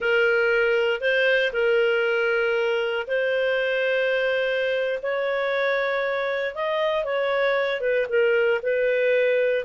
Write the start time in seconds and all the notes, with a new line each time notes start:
0.00 A#4
1.00 C5
1.52 A#4
3.07 C5
5.02 C#5
6.55 D#5
7.04 C#5
7.81 B4
8.09 A#4
8.62 B4